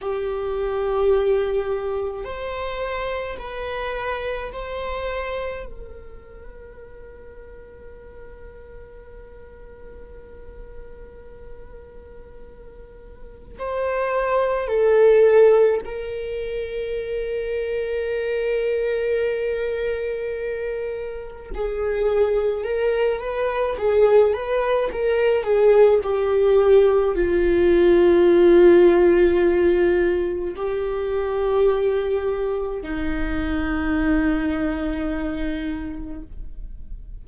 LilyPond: \new Staff \with { instrumentName = "viola" } { \time 4/4 \tempo 4 = 53 g'2 c''4 b'4 | c''4 ais'2.~ | ais'1 | c''4 a'4 ais'2~ |
ais'2. gis'4 | ais'8 b'8 gis'8 b'8 ais'8 gis'8 g'4 | f'2. g'4~ | g'4 dis'2. | }